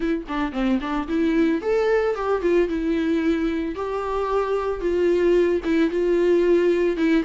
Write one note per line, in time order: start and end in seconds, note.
0.00 0.24 E4
0.28 0.52 D4
0.52 0.79 C4
0.80 1.07 D4
1.07 1.61 E4
1.61 2.15 A4
2.15 2.41 G4
2.41 2.68 F4
2.68 3.75 E4
3.75 4.81 G4
4.81 5.61 F4
5.64 5.90 E4
5.90 6.96 F4
6.96 7.23 E4